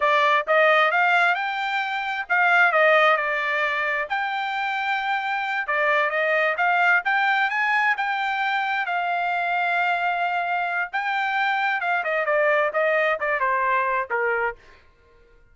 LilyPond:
\new Staff \with { instrumentName = "trumpet" } { \time 4/4 \tempo 4 = 132 d''4 dis''4 f''4 g''4~ | g''4 f''4 dis''4 d''4~ | d''4 g''2.~ | g''8 d''4 dis''4 f''4 g''8~ |
g''8 gis''4 g''2 f''8~ | f''1 | g''2 f''8 dis''8 d''4 | dis''4 d''8 c''4. ais'4 | }